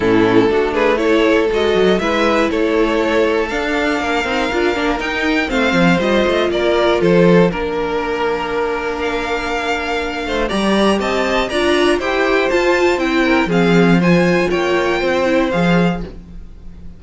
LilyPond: <<
  \new Staff \with { instrumentName = "violin" } { \time 4/4 \tempo 4 = 120 a'4. b'8 cis''4 dis''4 | e''4 cis''2 f''4~ | f''2 g''4 f''4 | dis''4 d''4 c''4 ais'4~ |
ais'2 f''2~ | f''4 ais''4 a''4 ais''4 | g''4 a''4 g''4 f''4 | gis''4 g''2 f''4 | }
  \new Staff \with { instrumentName = "violin" } { \time 4/4 e'4 fis'8 gis'8 a'2 | b'4 a'2. | ais'2. c''4~ | c''4 ais'4 a'4 ais'4~ |
ais'1~ | ais'8 c''8 d''4 dis''4 d''4 | c''2~ c''8 ais'8 gis'4 | c''4 cis''4 c''2 | }
  \new Staff \with { instrumentName = "viola" } { \time 4/4 cis'4 d'4 e'4 fis'4 | e'2. d'4~ | d'8 dis'8 f'8 d'8 dis'4 c'4 | f'2. d'4~ |
d'1~ | d'4 g'2 f'4 | g'4 f'4 e'4 c'4 | f'2~ f'8 e'8 gis'4 | }
  \new Staff \with { instrumentName = "cello" } { \time 4/4 a,4 a2 gis8 fis8 | gis4 a2 d'4 | ais8 c'8 d'8 ais8 dis'4 a8 f8 | g8 a8 ais4 f4 ais4~ |
ais1~ | ais8 a8 g4 c'4 d'4 | e'4 f'4 c'4 f4~ | f4 ais4 c'4 f4 | }
>>